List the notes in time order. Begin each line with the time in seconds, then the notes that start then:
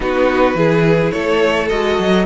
0.00 B3 D#4 F#4 B4
0.54 E3 E4 G#4
1.11 A3 A4 C#5
1.69 G#3 F#4 D#5
1.99 F#3